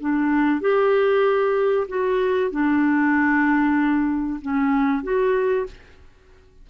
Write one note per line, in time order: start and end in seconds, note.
0.00 0.61 D4
0.61 1.87 G4
1.88 2.50 F#4
2.50 4.40 D4
4.41 5.03 C#4
5.03 5.66 F#4